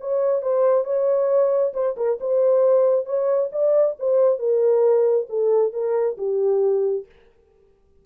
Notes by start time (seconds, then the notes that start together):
0.00 C#5
0.42 C5
0.84 C#5
1.74 C5
1.97 A#4
2.21 C5
3.06 C#5
3.52 D5
3.99 C5
4.39 A#4
5.29 A4
5.73 A#4
6.18 G4